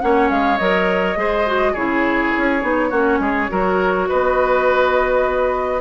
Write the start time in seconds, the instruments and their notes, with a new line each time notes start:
0.00 bassoon A#3, clarinet C#4, oboe C#5, flute F#5
0.29 bassoon G#3, flute F5
0.58 bassoon F#3, clarinet A#4, flute D#5
1.16 bassoon G#3, clarinet G#4, oboe C5
1.46 clarinet F#4
1.73 bassoon C#3, clarinet E4, oboe G#4, flute C#5
2.37 bassoon C#4
2.61 bassoon B3, clarinet D#4
2.90 bassoon A#3, clarinet C#4, oboe F#4
3.19 bassoon G#3, oboe G#4
3.50 bassoon F#3, clarinet F#4, oboe A#4
4.09 bassoon B3, oboe B4, flute D#5